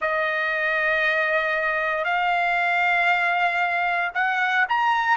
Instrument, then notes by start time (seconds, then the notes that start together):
trumpet
0.00 D#5
2.04 F5
4.14 F#5
4.68 A#5